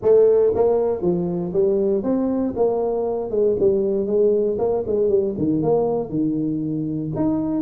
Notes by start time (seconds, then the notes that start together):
0.02 A3
0.55 A#3
1.01 F3
1.53 G3
2.03 C4
2.56 A#3
3.30 G#3
3.59 G3
4.06 G#3
4.58 A#3
4.86 G#3
5.08 G3
5.37 D#3
5.62 A#3
6.09 D#3
7.15 D#4